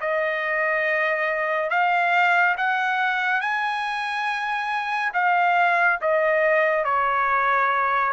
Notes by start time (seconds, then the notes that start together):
0.00 D#5
1.69 F5
2.57 F#5
3.41 G#5
5.14 F5
6.01 D#5
6.84 C#5